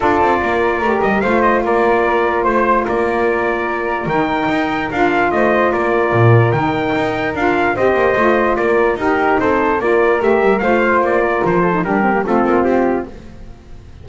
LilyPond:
<<
  \new Staff \with { instrumentName = "trumpet" } { \time 4/4 \tempo 4 = 147 d''2~ d''8 dis''8 f''8 dis''8 | d''2 c''4 d''4~ | d''2 g''2 | f''4 dis''4 d''2 |
g''2 f''4 dis''4~ | dis''4 d''4 ais'4 c''4 | d''4 e''4 f''4 d''4 | c''4 ais'4 a'4 g'4 | }
  \new Staff \with { instrumentName = "flute" } { \time 4/4 a'4 ais'2 c''4 | ais'2 c''4 ais'4~ | ais'1~ | ais'4 c''4 ais'2~ |
ais'2. c''4~ | c''4 ais'4 g'4 a'4 | ais'2 c''4. ais'8~ | ais'8 a'8 g'4 f'2 | }
  \new Staff \with { instrumentName = "saxophone" } { \time 4/4 f'2 g'4 f'4~ | f'1~ | f'2 dis'2 | f'1 |
dis'2 f'4 g'4 | f'2 dis'2 | f'4 g'4 f'2~ | f'8. dis'16 d'8 c'16 ais16 c'2 | }
  \new Staff \with { instrumentName = "double bass" } { \time 4/4 d'8 c'8 ais4 a8 g8 a4 | ais2 a4 ais4~ | ais2 dis4 dis'4 | d'4 a4 ais4 ais,4 |
dis4 dis'4 d'4 c'8 ais8 | a4 ais4 dis'4 c'4 | ais4 a8 g8 a4 ais4 | f4 g4 a8 ais8 c'4 | }
>>